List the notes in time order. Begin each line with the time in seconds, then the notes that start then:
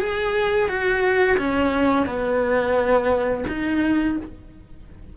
0.00 G#4
0.69 F#4
1.38 C#4
2.07 B3
3.49 D#4